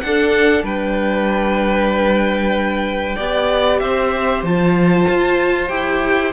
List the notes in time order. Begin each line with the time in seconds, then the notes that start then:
0.00 D4 F#5
0.06 A4
0.64 G3 B4 G5
3.16 B3 G4 D5
3.79 C4 C5 E5
4.43 F3 F4 A5
5.09 F4
5.69 E4 G4 G5